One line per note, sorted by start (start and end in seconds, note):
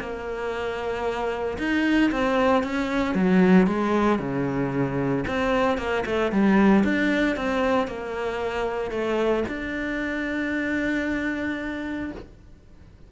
0.00 1.58 A#3
1.58 2.11 D#4
2.11 2.63 C4
2.63 3.15 C#4
3.15 3.67 F#3
3.67 4.19 G#3
4.19 5.25 C#3
5.28 5.78 C4
5.78 6.04 A#3
6.06 6.32 A3
6.32 6.84 G3
6.84 7.36 D4
7.36 7.88 C4
7.88 8.91 A#3
8.91 9.44 A3
9.48 12.11 D4